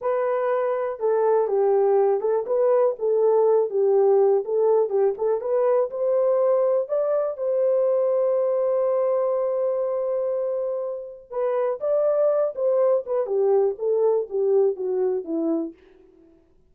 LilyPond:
\new Staff \with { instrumentName = "horn" } { \time 4/4 \tempo 4 = 122 b'2 a'4 g'4~ | g'8 a'8 b'4 a'4. g'8~ | g'4 a'4 g'8 a'8 b'4 | c''2 d''4 c''4~ |
c''1~ | c''2. b'4 | d''4. c''4 b'8 g'4 | a'4 g'4 fis'4 e'4 | }